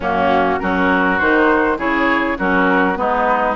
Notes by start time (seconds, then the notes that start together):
0.00 F#2 A#3 C#4 F#4
0.59 F#3 C#4 F#4 A#4
1.18 D#3 D#4 C5
1.77 C#3 E4 G#4 C#5
2.38 F#3 C#4 F#4 A#4
2.94 G#3 B3 D#4 B4